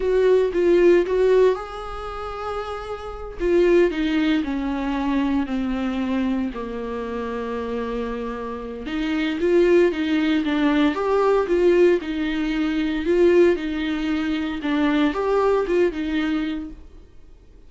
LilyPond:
\new Staff \with { instrumentName = "viola" } { \time 4/4 \tempo 4 = 115 fis'4 f'4 fis'4 gis'4~ | gis'2~ gis'8 f'4 dis'8~ | dis'8 cis'2 c'4.~ | c'8 ais2.~ ais8~ |
ais4 dis'4 f'4 dis'4 | d'4 g'4 f'4 dis'4~ | dis'4 f'4 dis'2 | d'4 g'4 f'8 dis'4. | }